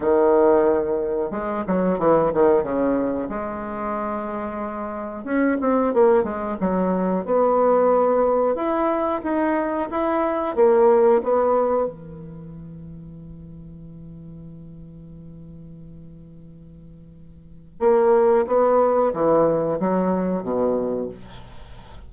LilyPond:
\new Staff \with { instrumentName = "bassoon" } { \time 4/4 \tempo 4 = 91 dis2 gis8 fis8 e8 dis8 | cis4 gis2. | cis'8 c'8 ais8 gis8 fis4 b4~ | b4 e'4 dis'4 e'4 |
ais4 b4 e2~ | e1~ | e2. ais4 | b4 e4 fis4 b,4 | }